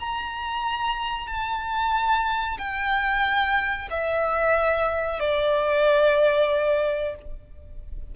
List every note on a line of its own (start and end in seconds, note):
0.00 1.27 A#5
1.27 2.58 A5
2.58 3.89 G5
3.91 5.20 E5
5.20 7.16 D5